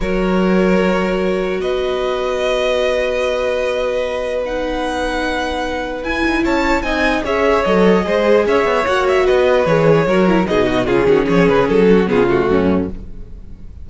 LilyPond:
<<
  \new Staff \with { instrumentName = "violin" } { \time 4/4 \tempo 4 = 149 cis''1 | dis''1~ | dis''2. fis''4~ | fis''2. gis''4 |
a''4 gis''4 e''4 dis''4~ | dis''4 e''4 fis''8 e''8 dis''4 | cis''2 dis''4 gis'4 | cis''8 b'8 a'4 gis'8 fis'4. | }
  \new Staff \with { instrumentName = "violin" } { \time 4/4 ais'1 | b'1~ | b'1~ | b'1 |
cis''4 dis''4 cis''2 | c''4 cis''2 b'4~ | b'4 ais'4 gis'8 fis'8 f'8 fis'8 | gis'4. fis'8 f'4 cis'4 | }
  \new Staff \with { instrumentName = "viola" } { \time 4/4 fis'1~ | fis'1~ | fis'2. dis'4~ | dis'2. e'4~ |
e'4 dis'4 gis'4 a'4 | gis'2 fis'2 | gis'4 fis'8 e'8 dis'4 cis'4~ | cis'2 b8 a4. | }
  \new Staff \with { instrumentName = "cello" } { \time 4/4 fis1 | b1~ | b1~ | b2. e'8 dis'8 |
cis'4 c'4 cis'4 fis4 | gis4 cis'8 b8 ais4 b4 | e4 fis4 b,4 cis8 dis8 | f8 cis8 fis4 cis4 fis,4 | }
>>